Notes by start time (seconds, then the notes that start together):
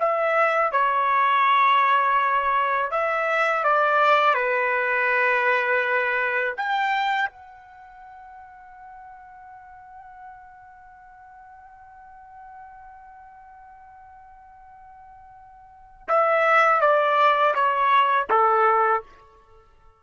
0.00 E5
0.72 C#5
2.91 E5
3.64 D5
4.35 B4
6.57 G5
7.29 F#5
16.08 E5
16.81 D5
17.55 C#5
18.30 A4